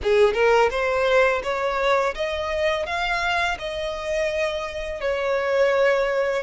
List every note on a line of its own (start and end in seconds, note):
0.02 0.33 G#4
0.33 0.69 A#4
0.70 1.42 C5
1.43 2.14 C#5
2.14 2.86 D#5
2.86 3.57 F5
3.58 5.01 D#5
5.01 6.43 C#5